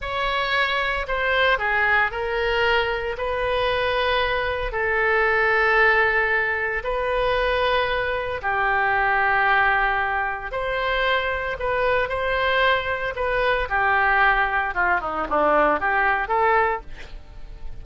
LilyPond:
\new Staff \with { instrumentName = "oboe" } { \time 4/4 \tempo 4 = 114 cis''2 c''4 gis'4 | ais'2 b'2~ | b'4 a'2.~ | a'4 b'2. |
g'1 | c''2 b'4 c''4~ | c''4 b'4 g'2 | f'8 dis'8 d'4 g'4 a'4 | }